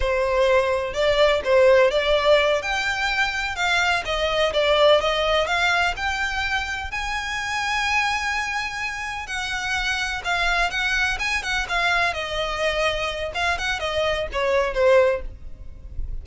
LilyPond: \new Staff \with { instrumentName = "violin" } { \time 4/4 \tempo 4 = 126 c''2 d''4 c''4 | d''4. g''2 f''8~ | f''8 dis''4 d''4 dis''4 f''8~ | f''8 g''2 gis''4.~ |
gis''2.~ gis''8 fis''8~ | fis''4. f''4 fis''4 gis''8 | fis''8 f''4 dis''2~ dis''8 | f''8 fis''8 dis''4 cis''4 c''4 | }